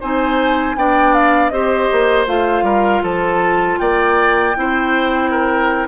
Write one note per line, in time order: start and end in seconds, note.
0.00 0.76 C4
0.00 0.77 D#4
0.00 0.76 C5
0.00 0.78 G#5
0.76 1.51 B3
0.76 1.52 D4
0.76 1.53 D5
0.76 1.14 G5
1.14 1.49 F5
1.49 1.89 C4
1.49 2.27 G4
1.49 2.65 C5
1.49 2.25 D#5
1.91 2.27 A#3
2.27 2.62 A3
2.27 4.55 F4
2.27 3.04 F5
2.62 3.00 G3
2.62 3.03 A#4
3.03 3.79 F3
3.03 3.79 A4
3.03 3.79 A5
3.79 4.56 A#3
3.79 4.56 D5
3.79 5.88 G5
4.55 5.88 C4
4.55 5.88 E4
4.55 5.31 C5
5.31 5.88 A#4